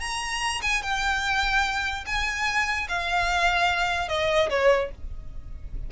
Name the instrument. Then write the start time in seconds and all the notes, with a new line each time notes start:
violin
0.00 A#5
0.62 G#5
0.82 G5
2.06 G#5
2.88 F5
4.08 D#5
4.50 C#5